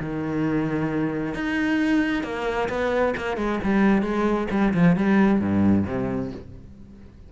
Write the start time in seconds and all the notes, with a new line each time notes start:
0.00 D#3
1.35 D#4
2.24 A#3
2.69 B3
3.17 A#3
3.37 G#3
3.64 G3
4.03 G#3
4.51 G3
4.74 F3
4.96 G3
5.40 G2
5.87 C3